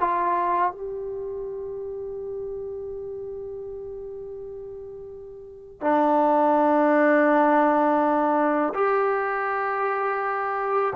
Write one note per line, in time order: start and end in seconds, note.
0.00 0.72 F4
0.72 5.81 G4
5.81 8.74 D4
8.74 10.94 G4